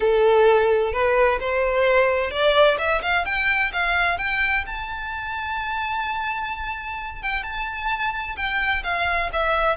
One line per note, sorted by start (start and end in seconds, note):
0.00 0.92 A4
0.92 1.39 B4
1.40 2.30 C5
2.30 2.77 D5
2.78 3.01 E5
3.01 3.25 F5
3.25 3.71 G5
3.73 4.18 F5
4.18 4.64 G5
4.66 7.22 A5
7.22 7.43 G5
7.43 8.36 A5
8.36 8.83 G5
8.83 9.30 F5
9.32 9.76 E5